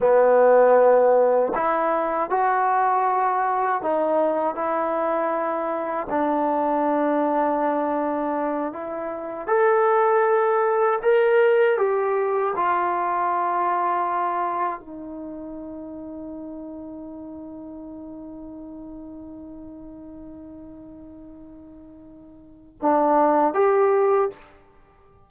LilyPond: \new Staff \with { instrumentName = "trombone" } { \time 4/4 \tempo 4 = 79 b2 e'4 fis'4~ | fis'4 dis'4 e'2 | d'2.~ d'8 e'8~ | e'8 a'2 ais'4 g'8~ |
g'8 f'2. dis'8~ | dis'1~ | dis'1~ | dis'2 d'4 g'4 | }